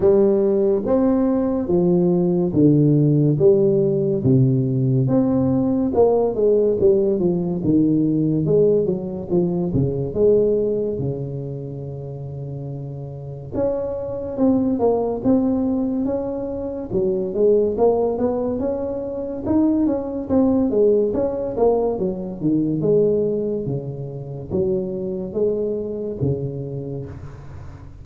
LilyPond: \new Staff \with { instrumentName = "tuba" } { \time 4/4 \tempo 4 = 71 g4 c'4 f4 d4 | g4 c4 c'4 ais8 gis8 | g8 f8 dis4 gis8 fis8 f8 cis8 | gis4 cis2. |
cis'4 c'8 ais8 c'4 cis'4 | fis8 gis8 ais8 b8 cis'4 dis'8 cis'8 | c'8 gis8 cis'8 ais8 fis8 dis8 gis4 | cis4 fis4 gis4 cis4 | }